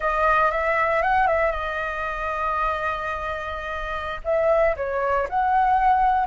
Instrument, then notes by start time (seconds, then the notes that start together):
flute
0.00 D#5
0.51 E5
1.02 F#5
1.27 E5
1.51 D#5
4.24 E5
4.76 C#5
5.29 F#5